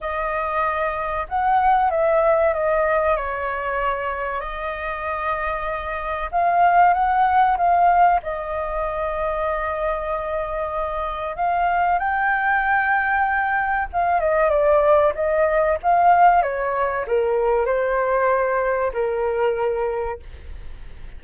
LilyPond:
\new Staff \with { instrumentName = "flute" } { \time 4/4 \tempo 4 = 95 dis''2 fis''4 e''4 | dis''4 cis''2 dis''4~ | dis''2 f''4 fis''4 | f''4 dis''2.~ |
dis''2 f''4 g''4~ | g''2 f''8 dis''8 d''4 | dis''4 f''4 cis''4 ais'4 | c''2 ais'2 | }